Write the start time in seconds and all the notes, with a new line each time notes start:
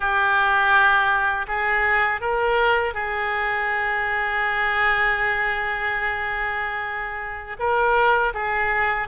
0.00 G4
1.47 G#4
2.20 A#4
2.94 G#4
7.59 A#4
8.34 G#4